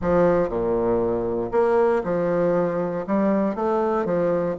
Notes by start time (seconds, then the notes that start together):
0.01 F3
0.49 A#2
1.51 A#3
2.04 F3
3.06 G3
3.55 A3
4.05 F3